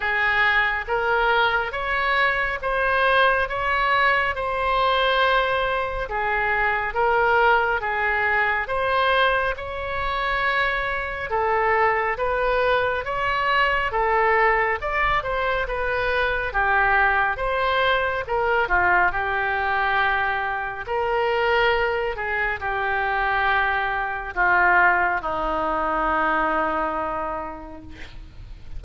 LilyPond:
\new Staff \with { instrumentName = "oboe" } { \time 4/4 \tempo 4 = 69 gis'4 ais'4 cis''4 c''4 | cis''4 c''2 gis'4 | ais'4 gis'4 c''4 cis''4~ | cis''4 a'4 b'4 cis''4 |
a'4 d''8 c''8 b'4 g'4 | c''4 ais'8 f'8 g'2 | ais'4. gis'8 g'2 | f'4 dis'2. | }